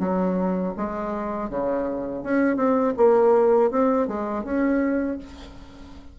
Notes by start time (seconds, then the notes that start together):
0.00 F#3
0.77 G#3
1.50 C#3
2.24 C#4
2.57 C4
2.97 A#3
3.71 C4
4.08 G#3
4.44 C#4